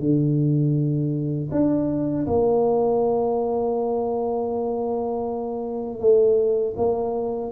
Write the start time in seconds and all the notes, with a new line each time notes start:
0.00 D3
1.52 D4
2.27 A#3
6.00 A3
6.77 A#3